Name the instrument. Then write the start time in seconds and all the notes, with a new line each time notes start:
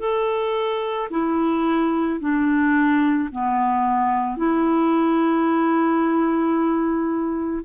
clarinet
0.00 A4
1.11 E4
2.20 D4
3.32 B3
4.37 E4